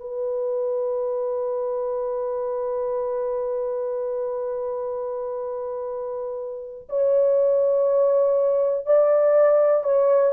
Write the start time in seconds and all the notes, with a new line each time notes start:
0.00 B4
6.89 C#5
8.86 D5
9.84 C#5